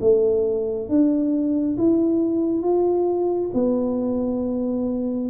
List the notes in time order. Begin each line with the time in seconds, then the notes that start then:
0.00 A3
0.89 D4
1.78 E4
2.62 F4
3.53 B3